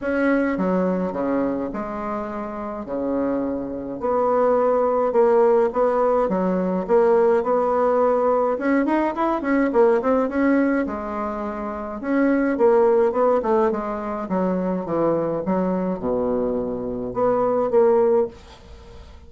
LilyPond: \new Staff \with { instrumentName = "bassoon" } { \time 4/4 \tempo 4 = 105 cis'4 fis4 cis4 gis4~ | gis4 cis2 b4~ | b4 ais4 b4 fis4 | ais4 b2 cis'8 dis'8 |
e'8 cis'8 ais8 c'8 cis'4 gis4~ | gis4 cis'4 ais4 b8 a8 | gis4 fis4 e4 fis4 | b,2 b4 ais4 | }